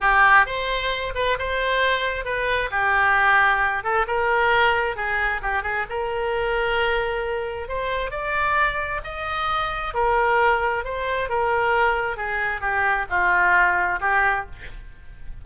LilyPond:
\new Staff \with { instrumentName = "oboe" } { \time 4/4 \tempo 4 = 133 g'4 c''4. b'8 c''4~ | c''4 b'4 g'2~ | g'8 a'8 ais'2 gis'4 | g'8 gis'8 ais'2.~ |
ais'4 c''4 d''2 | dis''2 ais'2 | c''4 ais'2 gis'4 | g'4 f'2 g'4 | }